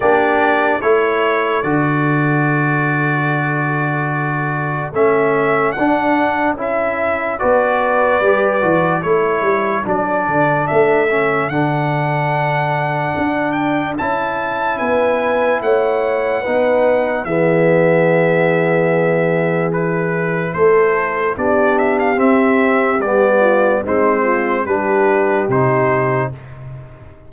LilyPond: <<
  \new Staff \with { instrumentName = "trumpet" } { \time 4/4 \tempo 4 = 73 d''4 cis''4 d''2~ | d''2 e''4 fis''4 | e''4 d''2 cis''4 | d''4 e''4 fis''2~ |
fis''8 g''8 a''4 gis''4 fis''4~ | fis''4 e''2. | b'4 c''4 d''8 e''16 f''16 e''4 | d''4 c''4 b'4 c''4 | }
  \new Staff \with { instrumentName = "horn" } { \time 4/4 g'4 a'2.~ | a'1~ | a'4 b'2 a'4~ | a'1~ |
a'2 b'4 cis''4 | b'4 gis'2.~ | gis'4 a'4 g'2~ | g'8 f'8 dis'8 f'8 g'2 | }
  \new Staff \with { instrumentName = "trombone" } { \time 4/4 d'4 e'4 fis'2~ | fis'2 cis'4 d'4 | e'4 fis'4 g'8 fis'8 e'4 | d'4. cis'8 d'2~ |
d'4 e'2. | dis'4 b2. | e'2 d'4 c'4 | b4 c'4 d'4 dis'4 | }
  \new Staff \with { instrumentName = "tuba" } { \time 4/4 ais4 a4 d2~ | d2 a4 d'4 | cis'4 b4 g8 e8 a8 g8 | fis8 d8 a4 d2 |
d'4 cis'4 b4 a4 | b4 e2.~ | e4 a4 b4 c'4 | g4 gis4 g4 c4 | }
>>